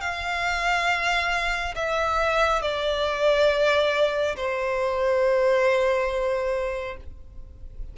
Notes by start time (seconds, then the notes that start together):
0.00 F5
1.75 E5
2.62 D5
4.36 C5